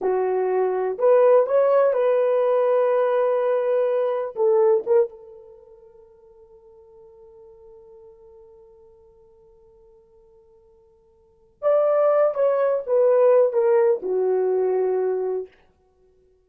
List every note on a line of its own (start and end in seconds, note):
0.01 0.98 F#4
0.98 1.46 B4
1.46 1.93 C#5
1.93 4.35 B4
4.35 4.83 A4
4.86 5.09 A#4
5.09 11.62 A4
11.62 12.34 D5
12.34 12.82 C#5
12.86 13.52 B4
13.52 14.01 A#4
14.02 15.47 F#4